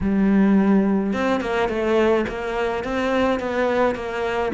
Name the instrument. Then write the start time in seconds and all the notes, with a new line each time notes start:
cello
0.00 G3
1.13 C4
1.40 A#3
1.68 A3
2.28 A#3
2.84 C4
3.39 B3
3.95 A#3